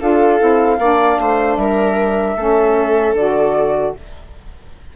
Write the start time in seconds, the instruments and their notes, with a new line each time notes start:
0.00 bassoon D4, saxophone F4, viola A4, flute F5
0.38 bassoon C4, saxophone E4
0.78 bassoon A#3, saxophone D4, viola D5
1.19 bassoon A3, viola C5
1.56 bassoon G3, viola A#4, flute E5
2.36 bassoon A3, saxophone C#4, viola A4
3.13 bassoon D3, saxophone F#4, flute D5